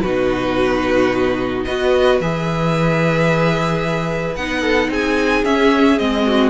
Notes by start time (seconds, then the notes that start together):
0.00 B2 D#4 F#4 B4
1.65 B3 F#4 B4 D#5
2.20 E3 G#4 E5
4.36 B3 D#4 F#5
4.60 A4
4.89 C4 G#4 G#5
5.44 C#4 E5
5.98 G#3 C4 D#5
6.26 F#4